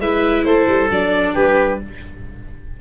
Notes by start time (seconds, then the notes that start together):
0.00 G#3 E4 B4 E5
0.45 A3 A4 C5
0.68 G3
0.91 F#3 D4 D5
1.34 G3 G4 B4